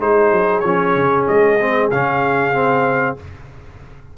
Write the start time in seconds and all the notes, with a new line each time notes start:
0.00 G#3 D#4 G#4 C5
0.31 F#3
0.60 F3 C#4 C#5
0.95 C#3
1.27 G#3 D#5
1.60 C4
1.91 C#3 C#4 F5
2.53 C4